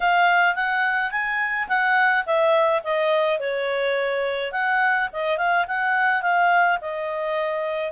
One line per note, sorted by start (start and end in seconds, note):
0.00 0.55 F5
0.55 1.11 F#5
1.11 1.67 G#5
1.68 2.25 F#5
2.25 2.82 E5
2.83 3.39 D#5
3.39 4.52 C#5
4.52 5.08 F#5
5.12 5.37 D#5
5.37 5.65 F5
5.67 6.21 F#5
6.21 6.78 F5
6.81 7.91 D#5